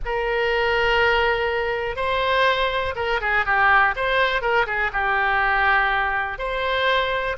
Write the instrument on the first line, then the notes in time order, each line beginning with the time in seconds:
oboe
0.05 A#4
1.95 C5
2.95 A#4
3.21 G#4
3.45 G4
3.96 C5
4.41 A#4
4.66 G#4
4.92 G4
6.38 C5